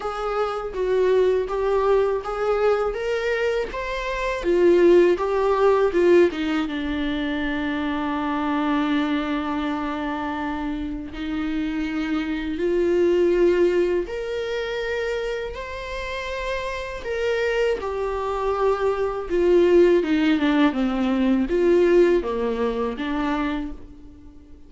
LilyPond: \new Staff \with { instrumentName = "viola" } { \time 4/4 \tempo 4 = 81 gis'4 fis'4 g'4 gis'4 | ais'4 c''4 f'4 g'4 | f'8 dis'8 d'2.~ | d'2. dis'4~ |
dis'4 f'2 ais'4~ | ais'4 c''2 ais'4 | g'2 f'4 dis'8 d'8 | c'4 f'4 ais4 d'4 | }